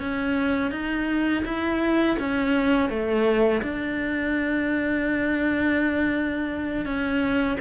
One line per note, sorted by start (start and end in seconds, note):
0.00 0.71 C#4
0.71 1.44 D#4
1.45 2.17 E4
2.19 2.89 C#4
2.89 3.62 A3
3.62 6.85 D4
6.85 7.57 C#4